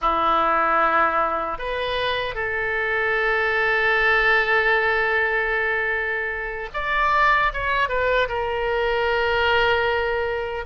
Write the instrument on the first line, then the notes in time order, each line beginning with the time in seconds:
oboe
0.01 E4
1.58 B4
2.35 A4
6.73 D5
7.53 C#5
7.88 B4
8.28 A#4